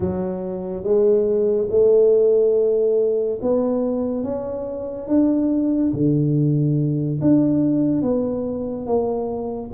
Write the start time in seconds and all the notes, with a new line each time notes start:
0.00 F#3
0.83 G#3
1.70 A3
3.41 B3
4.23 C#4
5.07 D4
5.93 D3
7.21 D4
8.01 B3
8.86 A#3